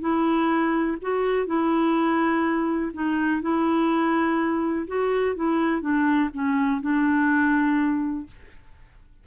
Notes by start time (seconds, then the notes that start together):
0.00 E4
1.01 F#4
1.46 E4
2.94 D#4
3.41 E4
4.87 F#4
5.36 E4
5.81 D4
6.33 C#4
6.81 D4